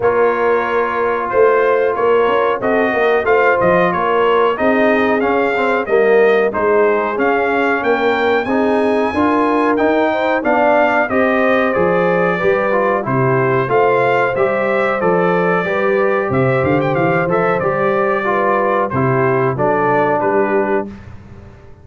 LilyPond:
<<
  \new Staff \with { instrumentName = "trumpet" } { \time 4/4 \tempo 4 = 92 cis''2 c''4 cis''4 | dis''4 f''8 dis''8 cis''4 dis''4 | f''4 dis''4 c''4 f''4 | g''4 gis''2 g''4 |
f''4 dis''4 d''2 | c''4 f''4 e''4 d''4~ | d''4 e''8 f''16 g''16 f''8 e''8 d''4~ | d''4 c''4 d''4 b'4 | }
  \new Staff \with { instrumentName = "horn" } { \time 4/4 ais'2 c''4 ais'4 | a'8 ais'8 c''4 ais'4 gis'4~ | gis'4 ais'4 gis'2 | ais'4 gis'4 ais'4. c''8 |
d''4 c''2 b'4 | g'4 c''2. | b'4 c''2. | b'4 g'4 a'4 g'4 | }
  \new Staff \with { instrumentName = "trombone" } { \time 4/4 f'1 | fis'4 f'2 dis'4 | cis'8 c'8 ais4 dis'4 cis'4~ | cis'4 dis'4 f'4 dis'4 |
d'4 g'4 gis'4 g'8 f'8 | e'4 f'4 g'4 a'4 | g'2~ g'8 a'8 g'4 | f'4 e'4 d'2 | }
  \new Staff \with { instrumentName = "tuba" } { \time 4/4 ais2 a4 ais8 cis'8 | c'8 ais8 a8 f8 ais4 c'4 | cis'4 g4 gis4 cis'4 | ais4 c'4 d'4 dis'4 |
b4 c'4 f4 g4 | c4 a4 g4 f4 | g4 c8 d8 e8 f8 g4~ | g4 c4 fis4 g4 | }
>>